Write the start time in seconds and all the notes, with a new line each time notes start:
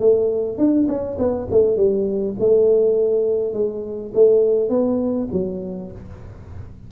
0.00 A3
0.58 D4
0.88 C#4
1.19 B3
1.51 A3
1.76 G3
2.39 A3
3.53 G#3
4.14 A3
4.70 B3
5.33 F#3